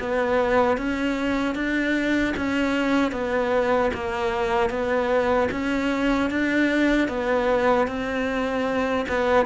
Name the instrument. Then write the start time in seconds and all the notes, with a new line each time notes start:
cello
0.00 B3
0.78 C#4
1.55 D4
2.37 C#4
3.12 B3
3.94 A#3
4.70 B3
5.52 C#4
6.30 D4
7.08 B3
7.88 C4
9.09 B3